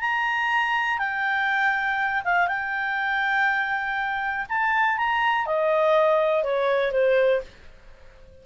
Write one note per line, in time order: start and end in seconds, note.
0.00 0.98 A#5
0.98 2.22 G5
2.24 2.47 F5
2.47 4.46 G5
4.49 4.97 A5
4.97 5.46 A#5
5.46 6.43 D#5
6.43 6.91 C#5
6.91 7.41 C5